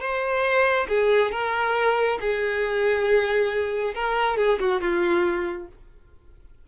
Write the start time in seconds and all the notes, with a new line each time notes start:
0.00 C5
0.89 G#4
1.31 A#4
2.20 G#4
3.94 A#4
4.37 G#4
4.60 F#4
4.81 F4